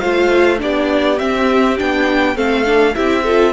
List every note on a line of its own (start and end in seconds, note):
0.00 0.62 A3
0.00 0.58 F4
0.00 0.60 C5
0.00 0.59 F5
0.58 1.21 B3
0.58 1.17 D4
0.58 2.36 G4
0.58 1.19 D5
1.17 1.76 C4
1.17 1.80 C4
1.17 1.77 E5
1.78 2.36 B3
1.78 2.35 D4
1.78 2.37 G5
2.35 2.95 A3
2.35 2.64 C4
2.35 2.95 A4
2.35 2.95 F5
2.65 2.94 D4
2.95 3.53 C4
2.95 3.24 E4
2.95 3.24 G4
2.95 3.53 E5
3.24 3.53 F4
3.24 3.53 A4